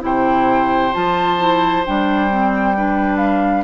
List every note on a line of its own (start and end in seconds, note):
0.00 0.94 C3
0.00 0.91 E4
0.00 2.77 C5
0.00 0.94 G5
0.93 1.87 F3
0.93 1.38 F4
0.93 1.85 A5
1.39 1.84 E4
1.85 3.65 G3
1.85 2.30 D4
1.85 3.18 G5
2.30 2.76 C4
2.76 3.65 D4
2.76 3.65 B4
3.18 3.63 F5